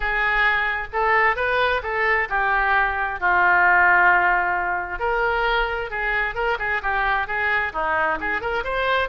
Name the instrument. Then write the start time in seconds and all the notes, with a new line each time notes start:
oboe
0.00 G#4
0.92 A4
1.36 B4
1.82 A4
2.29 G4
3.20 F4
4.99 A#4
5.90 G#4
6.35 A#4
6.58 G#4
6.82 G4
7.27 G#4
7.73 D#4
8.20 G#4
8.41 A#4
8.64 C5